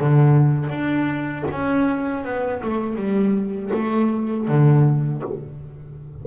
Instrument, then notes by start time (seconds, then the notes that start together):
double bass
0.00 D3
0.70 D4
1.51 C#4
2.25 B3
2.62 A3
2.96 G3
3.74 A3
4.48 D3